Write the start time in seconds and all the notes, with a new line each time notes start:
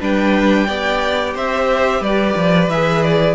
0.00 G3 D4 B4 G5
0.66 B3 G4 D5
1.34 C4 C5 E5
2.00 G3 B4 D5
2.35 F3
2.68 E3 G#4 E5
3.03 D5